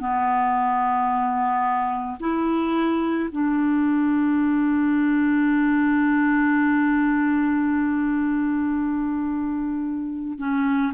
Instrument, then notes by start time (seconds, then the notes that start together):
clarinet
0.00 B3
2.20 E4
3.32 D4
10.38 C#4